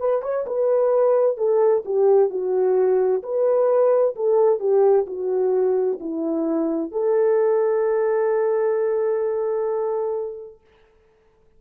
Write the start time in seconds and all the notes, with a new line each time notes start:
0.00 B4
0.22 C#5
0.47 B4
1.38 A4
1.85 G4
2.30 F#4
3.23 B4
4.16 A4
4.60 G4
5.07 F#4
6.00 E4
6.92 A4